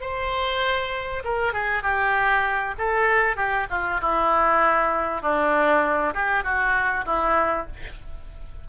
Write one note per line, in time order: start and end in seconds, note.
0.00 1.22 C5
1.24 1.53 A#4
1.53 1.82 G#4
1.82 2.74 G4
2.78 3.36 A4
3.36 3.66 G4
3.70 4.00 F4
4.00 5.22 E4
5.22 6.13 D4
6.14 6.43 G4
6.43 7.05 F#4
7.05 7.66 E4